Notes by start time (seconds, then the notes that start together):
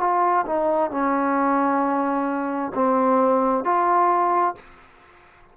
0.00 F4
0.46 D#4
0.91 C#4
2.75 C4
3.65 F4